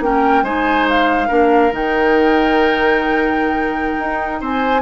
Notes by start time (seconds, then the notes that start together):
0.00 A#3 C#4 A#4 G5
0.43 G#3 D#4 C5 G#5
0.88 F5
1.28 A#3 D4 A#4
1.71 D#3 D#4 G5
3.99 D#4
4.41 C4 C5 G#5